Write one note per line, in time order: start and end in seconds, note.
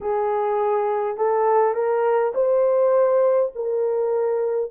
0.01 1.17 G#4
1.17 1.74 A4
1.74 2.33 A#4
2.34 3.51 C5
3.55 4.71 A#4